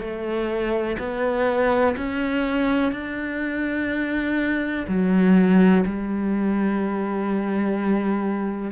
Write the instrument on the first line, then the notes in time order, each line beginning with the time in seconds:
cello
0.00 A3
0.99 B3
1.97 C#4
2.92 D4
4.88 F#3
5.85 G3